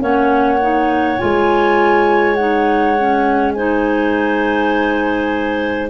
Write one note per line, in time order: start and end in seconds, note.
0.00 1.19 A#3
0.00 0.59 C#4
0.00 3.54 C#5
0.00 1.19 F#5
0.61 1.18 D#4
1.18 5.90 G#3
1.18 2.36 F4
1.18 2.35 G#5
2.35 2.97 D#4
2.35 3.52 F#5
2.98 3.57 C#4
3.53 5.90 D#4
3.53 5.90 C5
3.53 5.88 G#5